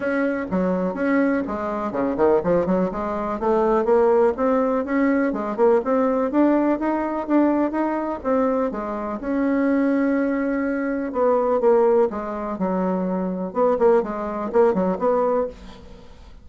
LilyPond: \new Staff \with { instrumentName = "bassoon" } { \time 4/4 \tempo 4 = 124 cis'4 fis4 cis'4 gis4 | cis8 dis8 f8 fis8 gis4 a4 | ais4 c'4 cis'4 gis8 ais8 | c'4 d'4 dis'4 d'4 |
dis'4 c'4 gis4 cis'4~ | cis'2. b4 | ais4 gis4 fis2 | b8 ais8 gis4 ais8 fis8 b4 | }